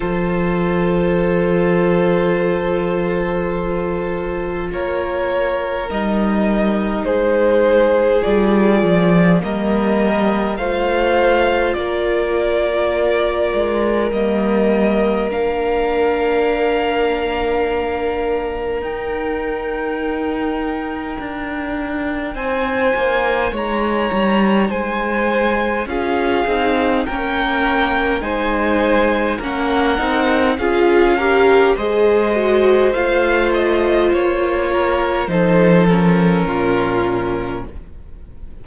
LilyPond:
<<
  \new Staff \with { instrumentName = "violin" } { \time 4/4 \tempo 4 = 51 c''1 | cis''4 dis''4 c''4 d''4 | dis''4 f''4 d''2 | dis''4 f''2. |
g''2. gis''4 | ais''4 gis''4 f''4 g''4 | gis''4 fis''4 f''4 dis''4 | f''8 dis''8 cis''4 c''8 ais'4. | }
  \new Staff \with { instrumentName = "violin" } { \time 4/4 a'1 | ais'2 gis'2 | ais'4 c''4 ais'2~ | ais'1~ |
ais'2. c''4 | cis''4 c''4 gis'4 ais'4 | c''4 ais'4 gis'8 ais'8 c''4~ | c''4. ais'8 a'4 f'4 | }
  \new Staff \with { instrumentName = "viola" } { \time 4/4 f'1~ | f'4 dis'2 f'4 | ais4 f'2. | ais4 d'2. |
dis'1~ | dis'2 f'8 dis'8 cis'4 | dis'4 cis'8 dis'8 f'8 g'8 gis'8 fis'8 | f'2 dis'8 cis'4. | }
  \new Staff \with { instrumentName = "cello" } { \time 4/4 f1 | ais4 g4 gis4 g8 f8 | g4 a4 ais4. gis8 | g4 ais2. |
dis'2 d'4 c'8 ais8 | gis8 g8 gis4 cis'8 c'8 ais4 | gis4 ais8 c'8 cis'4 gis4 | a4 ais4 f4 ais,4 | }
>>